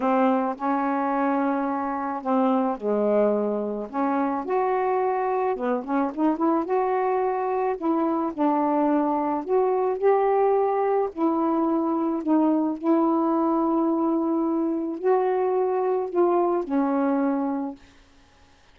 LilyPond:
\new Staff \with { instrumentName = "saxophone" } { \time 4/4 \tempo 4 = 108 c'4 cis'2. | c'4 gis2 cis'4 | fis'2 b8 cis'8 dis'8 e'8 | fis'2 e'4 d'4~ |
d'4 fis'4 g'2 | e'2 dis'4 e'4~ | e'2. fis'4~ | fis'4 f'4 cis'2 | }